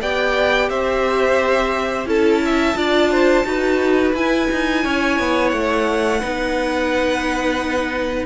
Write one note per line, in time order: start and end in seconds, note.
0.00 0.69 B3
0.00 2.05 G4
0.00 0.69 D5
0.00 0.69 G5
0.69 2.06 C4
0.69 2.07 C5
0.69 2.07 E5
2.05 2.75 C#4
2.05 2.74 E4
2.05 2.42 A4
2.05 4.15 A5
2.45 2.77 E5
2.75 3.44 D4
2.75 3.44 F4
2.75 3.11 D5
3.11 3.45 C5
3.44 4.13 D#4
3.44 4.13 F#4
3.44 4.83 B4
4.14 4.48 E4
4.14 6.21 E4
4.14 5.49 G#5
4.51 4.84 D#4
4.83 5.19 C#4
4.83 6.19 C#5
5.19 5.52 B3
5.49 6.21 A3
5.49 8.25 F#5
6.19 8.25 B3
6.19 8.25 D#4
6.19 8.25 B4